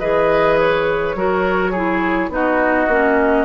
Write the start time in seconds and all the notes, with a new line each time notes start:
0.00 E3 G#4 B4 D#5
0.59 C#5
1.15 F#3 F#4 A#4
1.71 E4 G#4
2.29 B3 D#4 F#4 D#5
2.87 A#3 C#4